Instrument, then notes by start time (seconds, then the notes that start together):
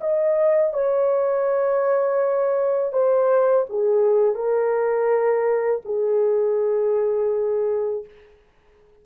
horn
0.00 D#5
0.73 C#5
2.92 C5
3.69 G#4
4.35 A#4
5.85 G#4